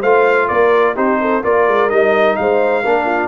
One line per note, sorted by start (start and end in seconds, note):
0.00 0.50 A3
0.00 0.96 F4
0.00 0.47 C5
0.00 0.48 F5
0.48 0.97 A#3
0.48 0.95 A#4
0.48 0.95 D5
0.95 1.44 C4
0.95 1.43 D#4
0.95 1.19 G4
0.95 1.44 C5
1.21 1.44 A4
1.43 1.68 A#3
1.43 1.90 F4
1.43 2.38 A#4
1.43 1.90 D5
1.68 1.91 G#3
1.90 2.38 G3
1.90 2.84 D#4
1.90 2.36 D#5
2.36 2.85 G#3
2.36 2.83 C5
2.36 3.28 F5
2.83 3.28 A#3
2.83 3.28 D4
2.83 3.06 A#4
3.06 3.28 F4